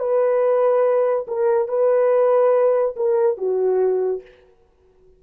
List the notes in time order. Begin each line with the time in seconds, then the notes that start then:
0.00 B4
1.28 A#4
1.69 B4
2.97 A#4
3.38 F#4